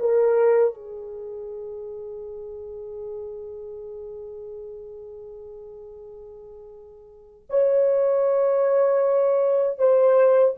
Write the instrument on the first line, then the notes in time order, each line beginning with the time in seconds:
horn
0.00 A#4
0.74 G#4
7.50 C#5
9.79 C5